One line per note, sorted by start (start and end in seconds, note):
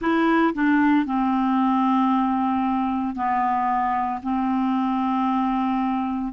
0.00 0.53 E4
0.54 1.05 D4
1.05 3.15 C4
3.15 4.21 B3
4.22 6.33 C4